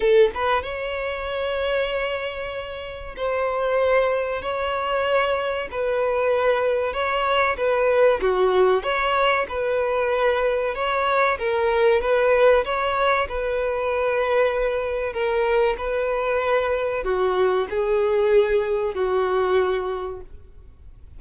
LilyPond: \new Staff \with { instrumentName = "violin" } { \time 4/4 \tempo 4 = 95 a'8 b'8 cis''2.~ | cis''4 c''2 cis''4~ | cis''4 b'2 cis''4 | b'4 fis'4 cis''4 b'4~ |
b'4 cis''4 ais'4 b'4 | cis''4 b'2. | ais'4 b'2 fis'4 | gis'2 fis'2 | }